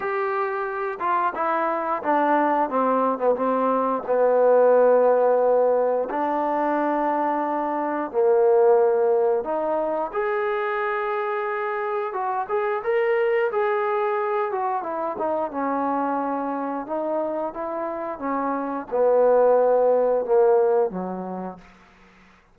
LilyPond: \new Staff \with { instrumentName = "trombone" } { \time 4/4 \tempo 4 = 89 g'4. f'8 e'4 d'4 | c'8. b16 c'4 b2~ | b4 d'2. | ais2 dis'4 gis'4~ |
gis'2 fis'8 gis'8 ais'4 | gis'4. fis'8 e'8 dis'8 cis'4~ | cis'4 dis'4 e'4 cis'4 | b2 ais4 fis4 | }